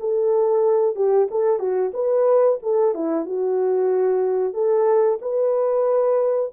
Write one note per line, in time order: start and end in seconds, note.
0.00 0.95 A4
0.95 1.28 G4
1.31 1.59 A4
1.59 1.92 F#4
1.94 2.59 B4
2.63 2.94 A4
2.94 3.26 E4
3.26 4.54 F#4
4.54 5.19 A4
5.21 6.52 B4